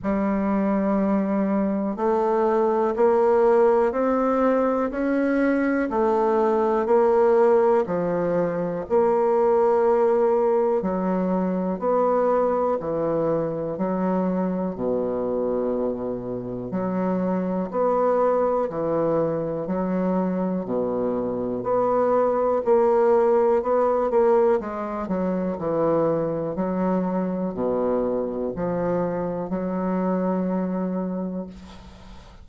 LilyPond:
\new Staff \with { instrumentName = "bassoon" } { \time 4/4 \tempo 4 = 61 g2 a4 ais4 | c'4 cis'4 a4 ais4 | f4 ais2 fis4 | b4 e4 fis4 b,4~ |
b,4 fis4 b4 e4 | fis4 b,4 b4 ais4 | b8 ais8 gis8 fis8 e4 fis4 | b,4 f4 fis2 | }